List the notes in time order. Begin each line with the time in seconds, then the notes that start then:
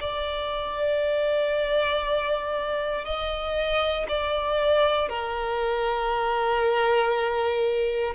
0.00 D5
3.05 D#5
4.08 D5
5.09 A#4